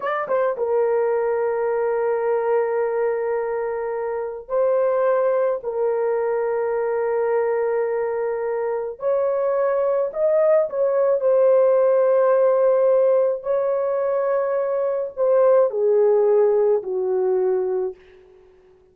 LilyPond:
\new Staff \with { instrumentName = "horn" } { \time 4/4 \tempo 4 = 107 d''8 c''8 ais'2.~ | ais'1 | c''2 ais'2~ | ais'1 |
cis''2 dis''4 cis''4 | c''1 | cis''2. c''4 | gis'2 fis'2 | }